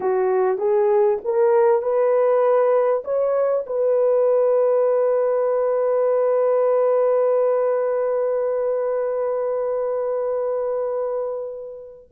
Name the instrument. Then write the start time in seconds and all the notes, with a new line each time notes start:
horn
0.00 F#4
0.58 G#4
1.24 A#4
1.82 B4
3.04 C#5
3.66 B4